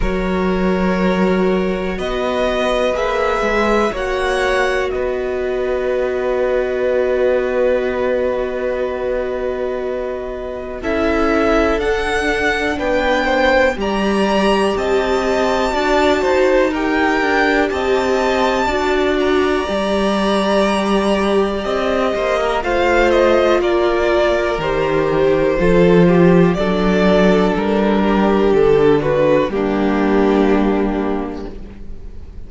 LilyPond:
<<
  \new Staff \with { instrumentName = "violin" } { \time 4/4 \tempo 4 = 61 cis''2 dis''4 e''4 | fis''4 dis''2.~ | dis''2. e''4 | fis''4 g''4 ais''4 a''4~ |
a''4 g''4 a''4. ais''8~ | ais''2 dis''4 f''8 dis''8 | d''4 c''2 d''4 | ais'4 a'8 b'8 g'2 | }
  \new Staff \with { instrumentName = "violin" } { \time 4/4 ais'2 b'2 | cis''4 b'2.~ | b'2. a'4~ | a'4 b'8 c''8 d''4 dis''4 |
d''8 c''8 ais'4 dis''4 d''4~ | d''2~ d''8 c''16 ais'16 c''4 | ais'2 a'8 g'8 a'4~ | a'8 g'4 fis'8 d'2 | }
  \new Staff \with { instrumentName = "viola" } { \time 4/4 fis'2. gis'4 | fis'1~ | fis'2. e'4 | d'2 g'2 |
fis'4 g'2 fis'4 | g'2. f'4~ | f'4 g'4 f'4 d'4~ | d'2 ais2 | }
  \new Staff \with { instrumentName = "cello" } { \time 4/4 fis2 b4 ais8 gis8 | ais4 b2.~ | b2. cis'4 | d'4 b4 g4 c'4 |
d'8 dis'4 d'8 c'4 d'4 | g2 c'8 ais8 a4 | ais4 dis4 f4 fis4 | g4 d4 g2 | }
>>